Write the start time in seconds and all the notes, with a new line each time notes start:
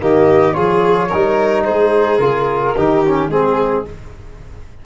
0.00 D#3 A#3 G4 D#5
0.54 F3 F4 G#4 C#5
1.09 G3 D#4 A#4
1.65 G#3 G#4 C5
2.18 C#3 F4 A#4
2.77 D#3 D#4 G4
3.06 C#4
3.29 G#3 C4 G#4